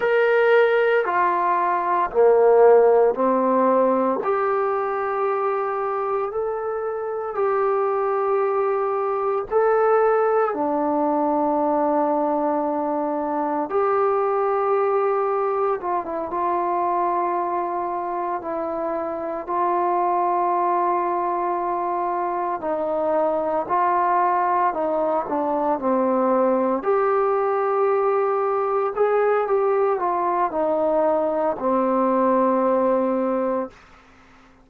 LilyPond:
\new Staff \with { instrumentName = "trombone" } { \time 4/4 \tempo 4 = 57 ais'4 f'4 ais4 c'4 | g'2 a'4 g'4~ | g'4 a'4 d'2~ | d'4 g'2 f'16 e'16 f'8~ |
f'4. e'4 f'4.~ | f'4. dis'4 f'4 dis'8 | d'8 c'4 g'2 gis'8 | g'8 f'8 dis'4 c'2 | }